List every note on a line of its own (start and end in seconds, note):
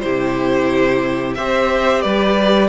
0.00 1.38 C3
0.00 1.37 E4
0.00 1.37 G4
0.00 1.33 C5
1.35 2.04 C4
1.35 2.69 G4
1.35 2.03 C5
1.35 2.01 E5
2.01 2.69 G3
2.01 2.69 B4
2.01 2.68 D5